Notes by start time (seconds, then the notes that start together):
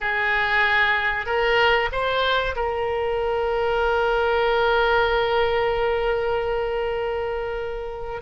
0.00 G#4
1.25 A#4
1.92 C5
2.56 A#4